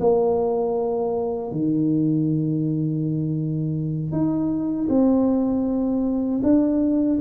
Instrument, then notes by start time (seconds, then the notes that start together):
tuba
0.00 A#3
1.51 D#3
4.12 D#4
4.89 C4
6.43 D4